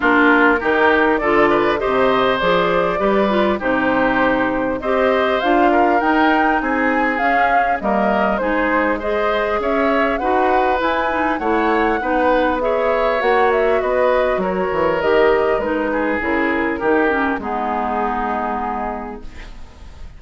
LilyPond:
<<
  \new Staff \with { instrumentName = "flute" } { \time 4/4 \tempo 4 = 100 ais'2 d''4 dis''4 | d''2 c''2 | dis''4 f''4 g''4 gis''4 | f''4 dis''4 c''4 dis''4 |
e''4 fis''4 gis''4 fis''4~ | fis''4 e''4 fis''8 e''8 dis''4 | cis''4 dis''4 b'4 ais'4~ | ais'4 gis'2. | }
  \new Staff \with { instrumentName = "oboe" } { \time 4/4 f'4 g'4 a'8 b'8 c''4~ | c''4 b'4 g'2 | c''4. ais'4. gis'4~ | gis'4 ais'4 gis'4 c''4 |
cis''4 b'2 cis''4 | b'4 cis''2 b'4 | ais'2~ ais'8 gis'4. | g'4 dis'2. | }
  \new Staff \with { instrumentName = "clarinet" } { \time 4/4 d'4 dis'4 f'4 g'4 | gis'4 g'8 f'8 dis'2 | g'4 f'4 dis'2 | cis'4 ais4 dis'4 gis'4~ |
gis'4 fis'4 e'8 dis'8 e'4 | dis'4 gis'4 fis'2~ | fis'4 g'4 dis'4 e'4 | dis'8 cis'8 b2. | }
  \new Staff \with { instrumentName = "bassoon" } { \time 4/4 ais4 dis4 d4 c4 | f4 g4 c2 | c'4 d'4 dis'4 c'4 | cis'4 g4 gis2 |
cis'4 dis'4 e'4 a4 | b2 ais4 b4 | fis8 e8 dis4 gis4 cis4 | dis4 gis2. | }
>>